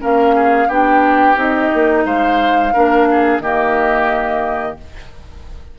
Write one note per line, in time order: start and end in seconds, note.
0.00 0.67 A#3
0.00 0.68 C#4
0.00 0.34 A#4
0.00 0.69 F5
0.35 0.68 G#4
0.67 1.35 B3
0.67 1.35 D4
0.67 2.04 G4
0.67 1.37 G5
1.35 1.69 C4
1.35 2.72 D#4
1.35 2.04 D#5
1.73 2.05 A#3
2.04 2.73 G#3
2.04 2.73 C5
2.04 3.40 F5
2.73 3.39 A#3
2.73 3.42 D4
2.73 3.07 A#4
3.10 3.42 G#4
3.39 4.76 D#3
3.39 4.79 A#3
3.39 4.78 G4
3.39 4.76 D#5